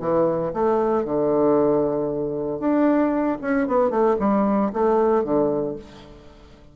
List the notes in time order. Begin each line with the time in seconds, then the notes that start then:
0.00 E3
0.53 A3
1.04 D3
2.59 D4
3.41 C#4
3.67 B3
3.90 A3
4.20 G3
4.73 A3
5.24 D3